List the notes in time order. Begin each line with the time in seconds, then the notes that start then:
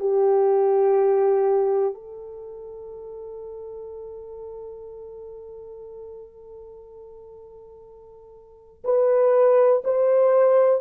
0.00 G4
1.94 A4
8.84 B4
9.85 C5